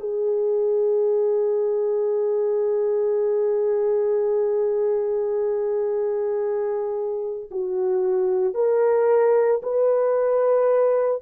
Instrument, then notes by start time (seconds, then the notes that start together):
horn
0.00 G#4
7.51 F#4
8.54 A#4
9.63 B4